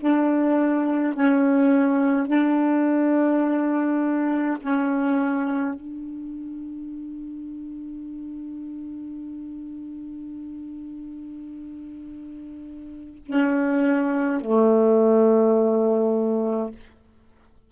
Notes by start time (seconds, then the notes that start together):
0.00 D4
1.13 C#4
2.27 D4
4.61 C#4
5.74 D4
13.25 C#4
14.40 A3